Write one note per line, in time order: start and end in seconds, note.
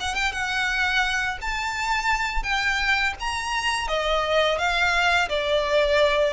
0.00 0.14 F#5
0.14 0.32 G5
0.32 1.38 F#5
1.41 2.43 A5
2.43 3.13 G5
3.19 3.88 A#5
3.88 4.58 D#5
4.58 5.28 F5
5.29 6.33 D5